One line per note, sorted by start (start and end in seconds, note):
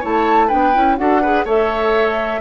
0.00 0.52 A3
0.00 0.49 E4
0.00 0.48 C#5
0.00 0.49 A5
0.48 0.76 B3
0.48 0.73 D4
0.48 0.96 B4
0.48 0.97 G5
0.73 0.98 C#4
0.73 0.97 E4
0.98 1.45 D4
0.98 1.22 F#4
0.98 1.22 A4
0.98 1.46 F#5
1.22 1.47 G#4
1.22 1.45 B4
1.45 2.41 A3
1.45 2.41 A4
1.45 2.41 C#5
1.45 2.41 E5